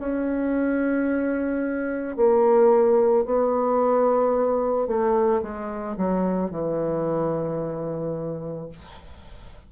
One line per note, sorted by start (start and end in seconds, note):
0.00 2.17 C#4
2.17 3.25 A#3
3.25 4.88 B3
4.88 5.42 A3
5.42 5.97 G#3
5.98 6.51 F#3
6.51 8.69 E3